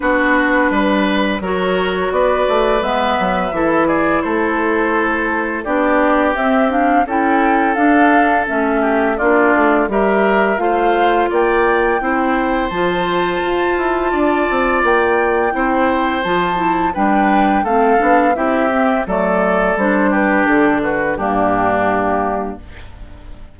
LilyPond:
<<
  \new Staff \with { instrumentName = "flute" } { \time 4/4 \tempo 4 = 85 b'2 cis''4 d''4 | e''4. d''8 c''2 | d''4 e''8 f''8 g''4 f''4 | e''4 d''4 e''4 f''4 |
g''2 a''2~ | a''4 g''2 a''4 | g''4 f''4 e''4 d''4 | c''8 b'8 a'8 b'8 g'2 | }
  \new Staff \with { instrumentName = "oboe" } { \time 4/4 fis'4 b'4 ais'4 b'4~ | b'4 a'8 gis'8 a'2 | g'2 a'2~ | a'8 g'8 f'4 ais'4 c''4 |
d''4 c''2. | d''2 c''2 | b'4 a'4 g'4 a'4~ | a'8 g'4 fis'8 d'2 | }
  \new Staff \with { instrumentName = "clarinet" } { \time 4/4 d'2 fis'2 | b4 e'2. | d'4 c'8 d'8 e'4 d'4 | cis'4 d'4 g'4 f'4~ |
f'4 e'4 f'2~ | f'2 e'4 f'8 e'8 | d'4 c'8 d'8 e'8 c'8 a4 | d'2 ais2 | }
  \new Staff \with { instrumentName = "bassoon" } { \time 4/4 b4 g4 fis4 b8 a8 | gis8 fis8 e4 a2 | b4 c'4 cis'4 d'4 | a4 ais8 a8 g4 a4 |
ais4 c'4 f4 f'8 e'8 | d'8 c'8 ais4 c'4 f4 | g4 a8 b8 c'4 fis4 | g4 d4 g,2 | }
>>